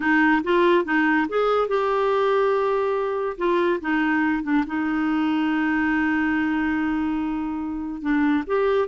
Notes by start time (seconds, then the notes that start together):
0.00 D#4
0.43 F4
0.84 D#4
1.28 G#4
1.67 G4
3.37 F4
3.80 D#4
4.43 D4
4.66 D#4
8.01 D4
8.46 G4